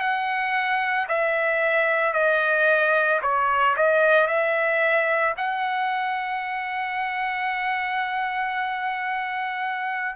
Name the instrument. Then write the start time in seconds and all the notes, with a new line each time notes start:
trumpet
0.00 F#5
1.09 E5
2.13 D#5
3.22 C#5
3.77 D#5
4.28 E5
5.38 F#5